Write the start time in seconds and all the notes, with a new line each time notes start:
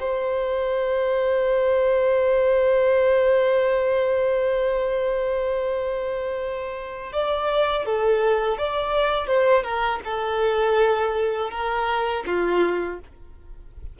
0.00 C5
7.13 D5
7.86 A4
8.58 D5
9.28 C5
9.64 A#4
10.05 A4
11.51 A#4
12.27 F4